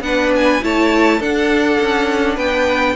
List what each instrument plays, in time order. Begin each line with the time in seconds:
0.00 cello B3, viola D4, violin B4 F#5
0.35 violin G#5
0.62 cello A3, viola E4, violin C#5 A5
1.19 cello D4, viola D4, violin A4 F#5
1.81 cello C#4
2.35 cello B3, violin B4 G5